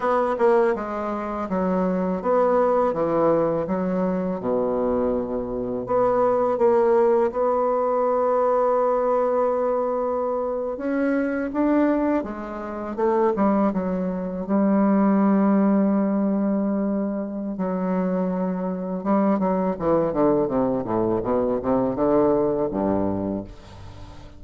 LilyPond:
\new Staff \with { instrumentName = "bassoon" } { \time 4/4 \tempo 4 = 82 b8 ais8 gis4 fis4 b4 | e4 fis4 b,2 | b4 ais4 b2~ | b2~ b8. cis'4 d'16~ |
d'8. gis4 a8 g8 fis4 g16~ | g1 | fis2 g8 fis8 e8 d8 | c8 a,8 b,8 c8 d4 g,4 | }